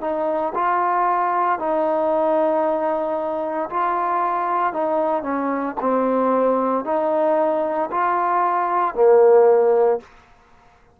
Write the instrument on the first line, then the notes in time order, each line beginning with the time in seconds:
trombone
0.00 D#4
0.55 F4
1.58 D#4
3.69 F4
4.73 D#4
5.22 C#4
5.80 C4
6.84 D#4
7.90 F4
8.94 A#3